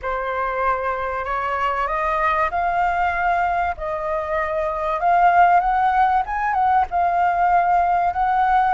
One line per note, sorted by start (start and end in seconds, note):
0.01 1.24 C5
1.24 1.87 C#5
1.87 2.49 D#5
2.50 3.75 F5
3.77 4.99 D#5
4.99 5.60 F5
5.60 6.22 F#5
6.26 6.53 G#5
6.53 6.84 F#5
6.90 8.13 F5
8.13 8.74 F#5